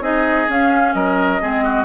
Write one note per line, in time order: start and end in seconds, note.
0.00 0.47 C4
0.00 0.47 D#4
0.00 0.95 G#4
0.00 0.49 D#5
0.49 1.41 C#4
0.49 0.94 C#4
0.49 0.93 F5
0.93 1.41 F#3
0.93 1.41 A#4
0.93 1.84 D#5
1.41 1.84 G#3
1.41 1.84 C4
1.41 1.64 G#4
1.64 1.84 F#4